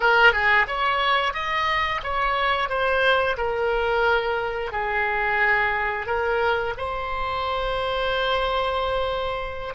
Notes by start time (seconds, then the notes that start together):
0.00 A#4
0.32 G#4
0.67 C#5
1.33 D#5
2.03 C#5
2.69 C5
3.37 A#4
4.72 G#4
6.06 A#4
6.77 C5